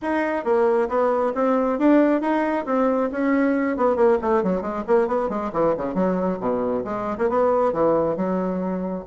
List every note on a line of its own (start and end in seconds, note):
0.02 0.44 D#4
0.44 0.88 A#3
0.88 1.32 B3
1.35 1.78 C4
1.78 2.21 D4
2.21 2.65 D#4
2.65 3.09 C4
3.11 3.76 C#4
3.76 3.95 B3
3.95 4.18 A#3
4.21 4.43 A3
4.43 4.61 F#3
4.61 4.83 G#3
4.87 5.07 A#3
5.07 5.29 B3
5.29 5.51 G#3
5.52 5.75 E3
5.77 5.94 C#3
5.94 6.38 F#3
6.40 6.84 B2
6.84 7.17 G#3
7.18 7.29 A#3
7.29 7.72 B3
7.72 8.16 E3
8.16 9.04 F#3